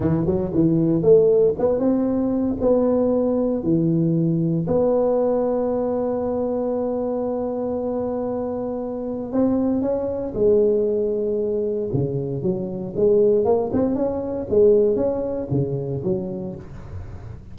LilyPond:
\new Staff \with { instrumentName = "tuba" } { \time 4/4 \tempo 4 = 116 e8 fis8 e4 a4 b8 c'8~ | c'4 b2 e4~ | e4 b2.~ | b1~ |
b2 c'4 cis'4 | gis2. cis4 | fis4 gis4 ais8 c'8 cis'4 | gis4 cis'4 cis4 fis4 | }